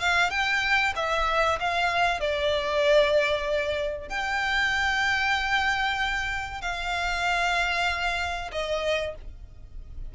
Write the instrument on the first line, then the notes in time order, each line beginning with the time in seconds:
violin
0.00 F5
0.30 G5
0.96 E5
1.60 F5
2.20 D5
4.09 G5
6.62 F5
8.52 D#5